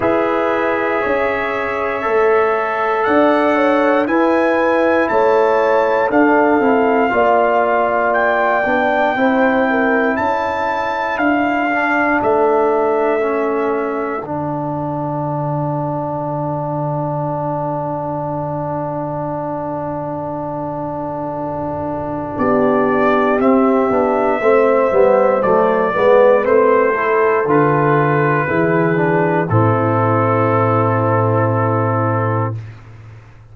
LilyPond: <<
  \new Staff \with { instrumentName = "trumpet" } { \time 4/4 \tempo 4 = 59 e''2. fis''4 | gis''4 a''4 f''2 | g''2 a''4 f''4 | e''2 fis''2~ |
fis''1~ | fis''2 d''4 e''4~ | e''4 d''4 c''4 b'4~ | b'4 a'2. | }
  \new Staff \with { instrumentName = "horn" } { \time 4/4 b'4 cis''2 d''8 cis''8 | b'4 cis''4 a'4 d''4~ | d''4 c''8 ais'8 a'2~ | a'1~ |
a'1~ | a'2 g'2 | c''4. b'4 a'4. | gis'4 e'2. | }
  \new Staff \with { instrumentName = "trombone" } { \time 4/4 gis'2 a'2 | e'2 d'8 e'8 f'4~ | f'8 d'8 e'2~ e'8 d'8~ | d'4 cis'4 d'2~ |
d'1~ | d'2. c'8 d'8 | c'8 b8 a8 b8 c'8 e'8 f'4 | e'8 d'8 c'2. | }
  \new Staff \with { instrumentName = "tuba" } { \time 4/4 e'4 cis'4 a4 d'4 | e'4 a4 d'8 c'8 ais4~ | ais8 b8 c'4 cis'4 d'4 | a2 d2~ |
d1~ | d2 b4 c'8 b8 | a8 g8 fis8 gis8 a4 d4 | e4 a,2. | }
>>